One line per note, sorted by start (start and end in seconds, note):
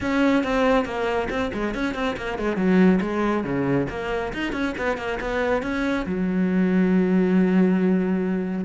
0.01 0.43 C#4
0.43 0.85 C4
0.85 1.28 A#3
1.29 1.51 C4
1.53 1.74 G#3
1.74 1.94 C#4
1.94 2.16 C4
2.16 2.38 A#3
2.38 2.56 G#3
2.56 2.99 F#3
3.01 3.44 G#3
3.44 3.87 C#3
3.89 4.33 A#3
4.33 4.52 D#4
4.52 4.74 C#4
4.77 4.97 B3
4.97 5.18 A#3
5.20 5.62 B3
5.62 6.05 C#4
6.06 8.64 F#3